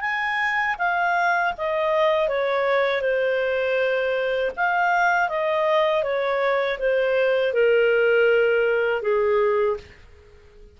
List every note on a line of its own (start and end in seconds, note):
0.00 0.75 G#5
0.78 1.53 F5
1.57 2.28 D#5
2.28 3.01 C#5
3.01 4.51 C5
4.56 5.28 F5
5.28 6.03 D#5
6.03 6.78 C#5
6.78 7.53 C5
7.53 9.01 A#4
9.01 9.76 G#4